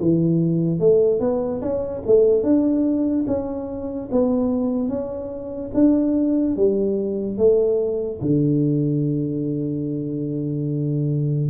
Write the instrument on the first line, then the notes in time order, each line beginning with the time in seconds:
tuba
0.00 E3
0.80 A3
1.20 B3
1.61 C#4
2.06 A3
2.43 D4
3.27 C#4
4.11 B3
4.89 C#4
5.74 D4
6.56 G3
7.37 A3
8.21 D3